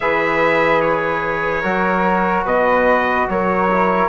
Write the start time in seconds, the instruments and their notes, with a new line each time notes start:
0.00 bassoon E3, trombone G#4, flute B4, trumpet E5
0.81 trumpet C#5
1.61 bassoon F#3, trombone F#4, flute A#4
2.44 bassoon B2, flute B4, trumpet D#5
3.28 bassoon F#3, flute A#4, trumpet C#5
3.70 trombone E4